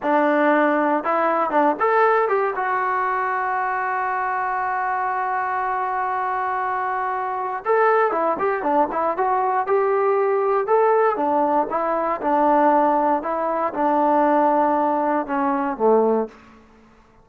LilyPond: \new Staff \with { instrumentName = "trombone" } { \time 4/4 \tempo 4 = 118 d'2 e'4 d'8 a'8~ | a'8 g'8 fis'2.~ | fis'1~ | fis'2. a'4 |
e'8 g'8 d'8 e'8 fis'4 g'4~ | g'4 a'4 d'4 e'4 | d'2 e'4 d'4~ | d'2 cis'4 a4 | }